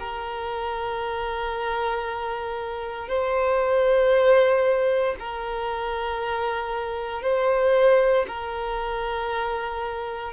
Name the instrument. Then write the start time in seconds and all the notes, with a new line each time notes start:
violin
0.00 A#4
3.08 C5
5.20 A#4
7.23 C5
8.29 A#4